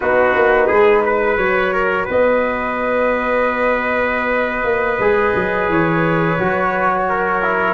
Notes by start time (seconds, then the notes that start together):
0.00 B3 D#4 F#4 B4
0.35 A#3
0.67 G#3 G#4
1.05 B4
1.37 F#3 F#4 C#5
1.73 A#4
2.05 B3 B4 D#5
4.64 A#3
4.99 G#3 G#4
5.35 F#3
5.68 E3 C#5
6.38 F#3 F#4
7.08 A#4
7.42 E4